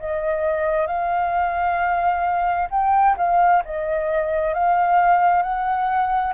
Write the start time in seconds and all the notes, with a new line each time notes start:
0.00 D#5
0.87 F5
2.71 G5
3.17 F5
3.65 D#5
4.54 F5
5.43 F#5